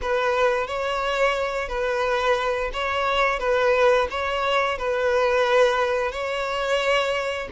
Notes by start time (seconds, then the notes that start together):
0.01 B4
0.67 C#5
1.68 B4
2.73 C#5
3.39 B4
4.10 C#5
4.78 B4
6.11 C#5